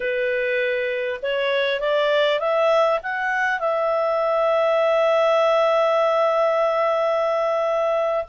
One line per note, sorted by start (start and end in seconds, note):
0.00 1.20 B4
1.22 1.79 C#5
1.79 2.39 D5
2.39 2.99 E5
3.02 3.59 F#5
3.59 8.24 E5